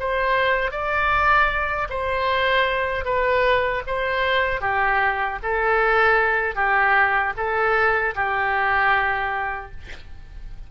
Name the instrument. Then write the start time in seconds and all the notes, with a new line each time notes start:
oboe
0.00 C5
0.72 D5
1.90 C5
3.05 B4
3.87 C5
4.61 G4
5.43 A4
6.56 G4
7.37 A4
8.16 G4